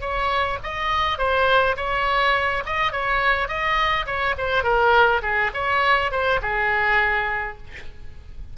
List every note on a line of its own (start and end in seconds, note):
0.00 0.58 C#5
0.63 1.18 D#5
1.18 1.75 C5
1.76 2.63 C#5
2.66 2.92 D#5
2.92 3.48 C#5
3.48 4.05 D#5
4.06 4.35 C#5
4.37 4.63 C5
4.63 5.21 A#4
5.22 5.50 G#4
5.53 6.11 C#5
6.11 6.40 C5
6.41 7.57 G#4